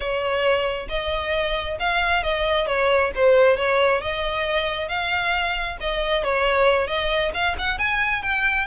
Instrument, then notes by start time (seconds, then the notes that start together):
violin
0.00 C#5
0.88 D#5
1.79 F5
2.23 D#5
2.67 C#5
3.15 C5
3.57 C#5
4.01 D#5
4.88 F5
5.80 D#5
6.23 C#5
6.87 D#5
7.34 F5
7.58 F#5
7.78 G#5
8.22 G5